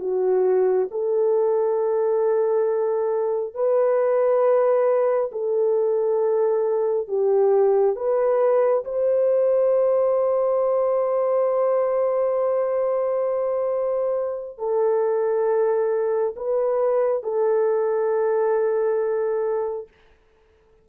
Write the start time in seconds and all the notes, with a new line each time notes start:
0.00 F#4
0.91 A4
3.54 B4
5.32 A4
7.07 G4
7.96 B4
8.84 C5
14.58 A4
16.36 B4
17.23 A4